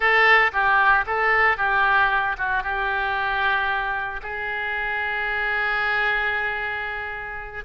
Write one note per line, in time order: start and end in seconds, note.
0.00 0.51 A4
0.52 1.05 G4
1.06 1.57 A4
1.57 2.36 G4
2.38 2.63 F#4
2.63 4.21 G4
4.22 7.64 G#4